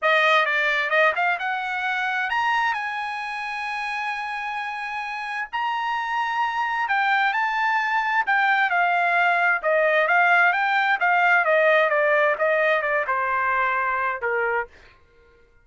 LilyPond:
\new Staff \with { instrumentName = "trumpet" } { \time 4/4 \tempo 4 = 131 dis''4 d''4 dis''8 f''8 fis''4~ | fis''4 ais''4 gis''2~ | gis''1 | ais''2. g''4 |
a''2 g''4 f''4~ | f''4 dis''4 f''4 g''4 | f''4 dis''4 d''4 dis''4 | d''8 c''2~ c''8 ais'4 | }